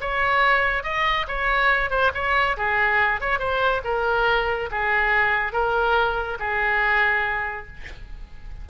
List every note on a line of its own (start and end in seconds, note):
0.00 0.83 C#5
0.83 1.26 D#5
1.27 1.90 C#5
1.90 2.11 C5
2.14 2.56 C#5
2.56 3.20 G#4
3.20 3.38 C#5
3.38 3.81 C5
3.84 4.69 A#4
4.71 5.52 G#4
5.52 6.37 A#4
6.39 7.67 G#4